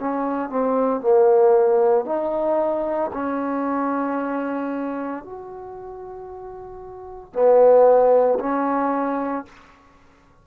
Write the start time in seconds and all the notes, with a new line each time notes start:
0.00 C#4
0.50 C4
1.01 A#3
2.05 D#4
3.13 C#4
5.24 F#4
7.33 B3
8.40 C#4